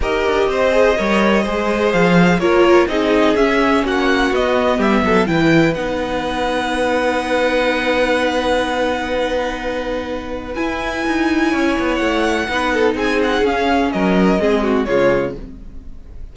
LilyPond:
<<
  \new Staff \with { instrumentName = "violin" } { \time 4/4 \tempo 4 = 125 dis''1 | f''4 cis''4 dis''4 e''4 | fis''4 dis''4 e''4 g''4 | fis''1~ |
fis''1~ | fis''2 gis''2~ | gis''4 fis''2 gis''8 fis''8 | f''4 dis''2 cis''4 | }
  \new Staff \with { instrumentName = "violin" } { \time 4/4 ais'4 c''4 cis''4 c''4~ | c''4 ais'4 gis'2 | fis'2 g'8 a'8 b'4~ | b'1~ |
b'1~ | b'1 | cis''2 b'8 a'8 gis'4~ | gis'4 ais'4 gis'8 fis'8 f'4 | }
  \new Staff \with { instrumentName = "viola" } { \time 4/4 g'4. gis'8 ais'4 gis'4~ | gis'4 f'4 dis'4 cis'4~ | cis'4 b2 e'4 | dis'1~ |
dis'1~ | dis'2 e'2~ | e'2 dis'2 | cis'2 c'4 gis4 | }
  \new Staff \with { instrumentName = "cello" } { \time 4/4 dis'8 d'8 c'4 g4 gis4 | f4 ais4 c'4 cis'4 | ais4 b4 g8 fis8 e4 | b1~ |
b1~ | b2 e'4 dis'4 | cis'8 b8 a4 b4 c'4 | cis'4 fis4 gis4 cis4 | }
>>